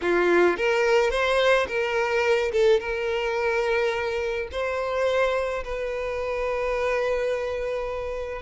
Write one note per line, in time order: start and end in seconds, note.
0.01 0.56 F4
0.56 1.10 A#4
1.10 1.66 C5
1.67 2.51 A#4
2.52 2.80 A4
2.80 4.48 A#4
4.51 5.63 C5
5.64 8.42 B4